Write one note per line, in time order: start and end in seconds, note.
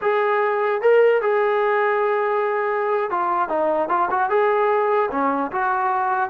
0.01 0.81 G#4
0.81 1.21 A#4
1.21 3.10 G#4
3.10 3.48 F4
3.48 3.88 D#4
3.89 4.09 F4
4.10 4.29 F#4
4.29 5.09 G#4
5.11 5.51 C#4
5.51 6.29 F#4